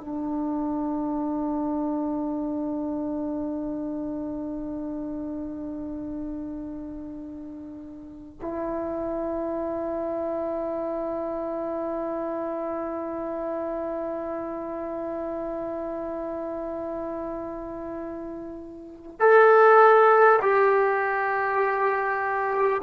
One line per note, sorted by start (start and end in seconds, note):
0.00 8.40 D4
8.42 19.20 E4
19.20 20.40 A4
20.42 22.82 G4